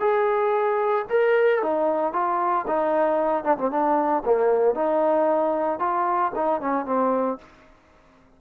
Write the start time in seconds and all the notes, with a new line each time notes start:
0.00 G#4
1.10 A#4
1.62 D#4
2.13 F4
2.67 D#4
3.44 D4
3.57 C4
3.71 D4
4.25 A#3
4.75 D#4
5.79 F4
6.35 D#4
6.61 C#4
6.85 C4